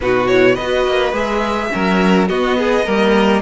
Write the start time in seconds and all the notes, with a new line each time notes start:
0.00 B2 D#4 F#4 B4
0.27 E4 C#5
0.54 B3 B4 D#5
0.61 F#4
0.87 A#3
1.12 G#3 G#4 E5
1.70 F#3 C#4 A#4
2.28 B3 F#4 D#5
2.57 G#4
2.85 G3 A#3 A#4